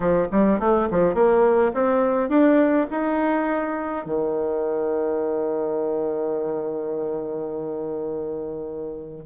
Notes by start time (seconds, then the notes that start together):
0.00 F3
0.31 G3
0.59 A3
0.90 F3
1.14 A#3
1.74 C4
2.29 D4
2.90 D#4
4.05 D#3